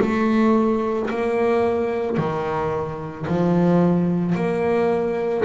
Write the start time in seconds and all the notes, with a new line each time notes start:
0.00 A3
1.10 A#3
2.17 D#3
3.27 F3
4.35 A#3